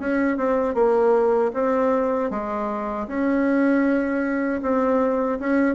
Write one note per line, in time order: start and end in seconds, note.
0.00 0.37 C#4
0.37 0.75 C4
0.75 1.52 A#3
1.54 2.31 C4
2.31 3.08 G#3
3.08 4.62 C#4
4.62 5.39 C4
5.40 5.76 C#4